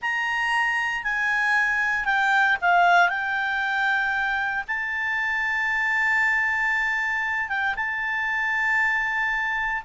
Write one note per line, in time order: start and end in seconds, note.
0.01 1.03 A#5
1.03 2.05 G#5
2.05 2.57 G5
2.61 3.09 F5
3.09 4.64 G5
4.67 7.49 A5
7.49 7.74 G5
7.76 9.83 A5